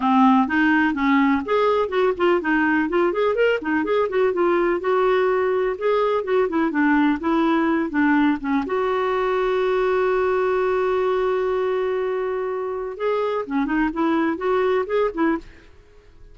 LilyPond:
\new Staff \with { instrumentName = "clarinet" } { \time 4/4 \tempo 4 = 125 c'4 dis'4 cis'4 gis'4 | fis'8 f'8 dis'4 f'8 gis'8 ais'8 dis'8 | gis'8 fis'8 f'4 fis'2 | gis'4 fis'8 e'8 d'4 e'4~ |
e'8 d'4 cis'8 fis'2~ | fis'1~ | fis'2. gis'4 | cis'8 dis'8 e'4 fis'4 gis'8 e'8 | }